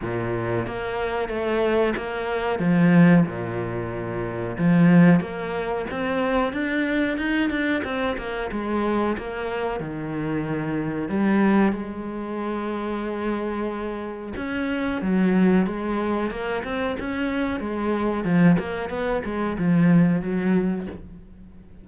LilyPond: \new Staff \with { instrumentName = "cello" } { \time 4/4 \tempo 4 = 92 ais,4 ais4 a4 ais4 | f4 ais,2 f4 | ais4 c'4 d'4 dis'8 d'8 | c'8 ais8 gis4 ais4 dis4~ |
dis4 g4 gis2~ | gis2 cis'4 fis4 | gis4 ais8 c'8 cis'4 gis4 | f8 ais8 b8 gis8 f4 fis4 | }